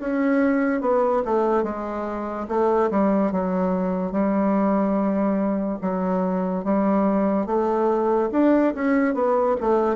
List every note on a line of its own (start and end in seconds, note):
0.00 0.81 C#4
0.81 1.23 B3
1.25 1.64 A3
1.64 2.47 G#3
2.48 2.90 A3
2.91 3.32 G3
3.32 4.12 F#3
4.12 5.79 G3
5.81 6.64 F#3
6.64 7.46 G3
7.46 8.30 A3
8.32 8.74 D4
8.75 9.14 C#4
9.14 9.56 B3
9.61 9.96 A3